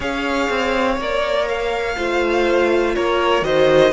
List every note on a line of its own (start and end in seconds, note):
0.00 0.48 C#4
0.00 0.98 G#4
0.00 1.96 C#5
0.00 0.99 F5
0.49 0.97 C4
0.97 1.95 A#3
0.97 1.96 A#4
0.97 1.48 D5
1.48 2.95 F5
1.96 2.96 A3
1.96 3.41 F4
1.96 2.94 C5
2.95 3.41 A#3
2.95 3.44 A#4
2.95 3.44 C#5
3.41 3.90 D#3
3.41 3.91 F#4
3.41 3.92 C5
3.41 3.92 D#5